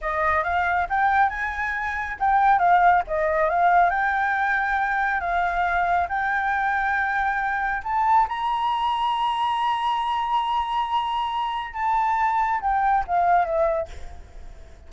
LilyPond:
\new Staff \with { instrumentName = "flute" } { \time 4/4 \tempo 4 = 138 dis''4 f''4 g''4 gis''4~ | gis''4 g''4 f''4 dis''4 | f''4 g''2. | f''2 g''2~ |
g''2 a''4 ais''4~ | ais''1~ | ais''2. a''4~ | a''4 g''4 f''4 e''4 | }